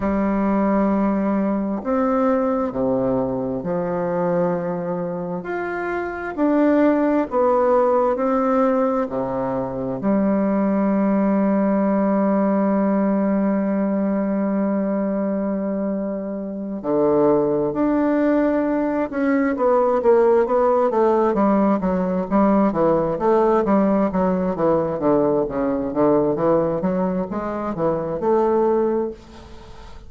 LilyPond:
\new Staff \with { instrumentName = "bassoon" } { \time 4/4 \tempo 4 = 66 g2 c'4 c4 | f2 f'4 d'4 | b4 c'4 c4 g4~ | g1~ |
g2~ g8 d4 d'8~ | d'4 cis'8 b8 ais8 b8 a8 g8 | fis8 g8 e8 a8 g8 fis8 e8 d8 | cis8 d8 e8 fis8 gis8 e8 a4 | }